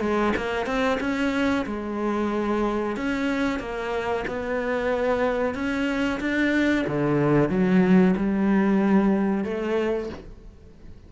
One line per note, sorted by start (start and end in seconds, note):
0.00 0.33 G#3
0.36 0.66 A#3
0.66 0.98 C4
1.00 1.65 C#4
1.66 2.96 G#3
2.96 3.59 C#4
3.59 4.24 A#3
4.27 5.54 B3
5.54 6.20 C#4
6.20 6.85 D4
6.87 7.49 D3
7.49 8.14 F#3
8.16 9.44 G3
9.44 10.09 A3